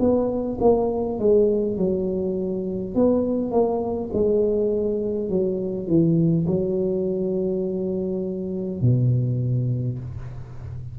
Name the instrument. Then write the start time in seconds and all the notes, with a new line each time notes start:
tuba
0.00 B3
0.61 A#3
1.19 G#3
1.78 F#3
2.95 B3
3.51 A#3
4.13 G#3
5.29 F#3
5.88 E3
6.47 F#3
8.82 B2